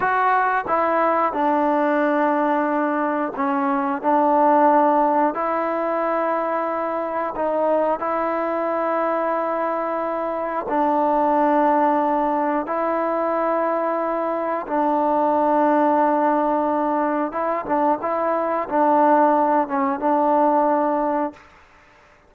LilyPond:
\new Staff \with { instrumentName = "trombone" } { \time 4/4 \tempo 4 = 90 fis'4 e'4 d'2~ | d'4 cis'4 d'2 | e'2. dis'4 | e'1 |
d'2. e'4~ | e'2 d'2~ | d'2 e'8 d'8 e'4 | d'4. cis'8 d'2 | }